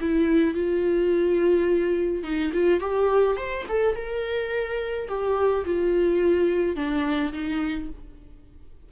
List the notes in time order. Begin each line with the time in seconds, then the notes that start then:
0.00 E4
0.54 F4
2.23 D#4
2.53 F4
2.80 G4
3.36 C5
3.68 A4
3.95 A#4
5.08 G4
5.65 F4
6.75 D4
7.32 D#4